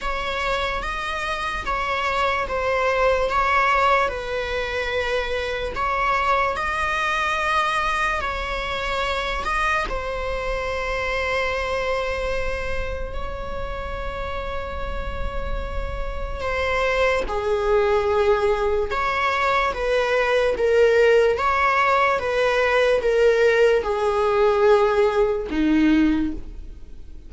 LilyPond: \new Staff \with { instrumentName = "viola" } { \time 4/4 \tempo 4 = 73 cis''4 dis''4 cis''4 c''4 | cis''4 b'2 cis''4 | dis''2 cis''4. dis''8 | c''1 |
cis''1 | c''4 gis'2 cis''4 | b'4 ais'4 cis''4 b'4 | ais'4 gis'2 dis'4 | }